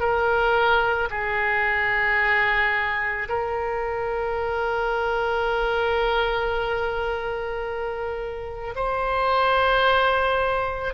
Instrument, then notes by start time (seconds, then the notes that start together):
oboe
0.00 A#4
1.11 G#4
3.29 A#4
8.76 C5